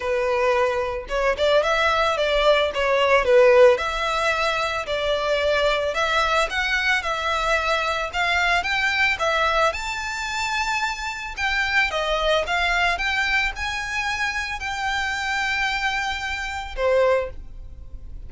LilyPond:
\new Staff \with { instrumentName = "violin" } { \time 4/4 \tempo 4 = 111 b'2 cis''8 d''8 e''4 | d''4 cis''4 b'4 e''4~ | e''4 d''2 e''4 | fis''4 e''2 f''4 |
g''4 e''4 a''2~ | a''4 g''4 dis''4 f''4 | g''4 gis''2 g''4~ | g''2. c''4 | }